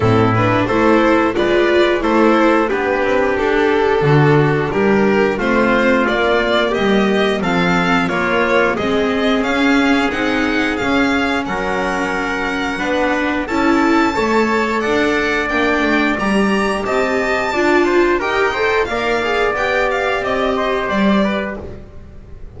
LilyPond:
<<
  \new Staff \with { instrumentName = "violin" } { \time 4/4 \tempo 4 = 89 a'8 b'8 c''4 d''4 c''4 | b'4 a'2 ais'4 | c''4 d''4 dis''4 f''4 | cis''4 dis''4 f''4 fis''4 |
f''4 fis''2. | a''2 fis''4 g''4 | ais''4 a''2 g''4 | f''4 g''8 f''8 dis''4 d''4 | }
  \new Staff \with { instrumentName = "trumpet" } { \time 4/4 e'4 a'4 b'4 a'4 | g'2 fis'4 g'4 | f'2 g'4 a'4 | f'4 gis'2.~ |
gis'4 ais'2 b'4 | a'4 cis''4 d''2~ | d''4 dis''4 d''8 c''8 ais'8 c''8 | d''2~ d''8 c''4 b'8 | }
  \new Staff \with { instrumentName = "viola" } { \time 4/4 c'8 d'8 e'4 f'4 e'4 | d'1 | c'4 ais2 c'4 | ais4 c'4 cis'4 dis'4 |
cis'2. d'4 | e'4 a'2 d'4 | g'2 f'4 g'8 a'8 | ais'8 gis'8 g'2. | }
  \new Staff \with { instrumentName = "double bass" } { \time 4/4 a,4 a4 gis4 a4 | b8 c'8 d'4 d4 g4 | a4 ais4 g4 f4 | ais4 gis4 cis'4 c'4 |
cis'4 fis2 b4 | cis'4 a4 d'4 ais8 a8 | g4 c'4 d'4 dis'4 | ais4 b4 c'4 g4 | }
>>